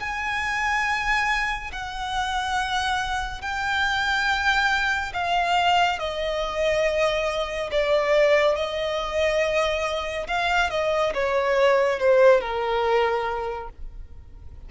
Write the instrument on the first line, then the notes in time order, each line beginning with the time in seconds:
violin
0.00 G#5
1.72 F#5
3.41 G5
5.13 F5
5.99 D#5
7.71 D5
8.56 D#5
10.27 F5
10.70 D#5
11.14 C#5
12.00 C5
12.41 A#4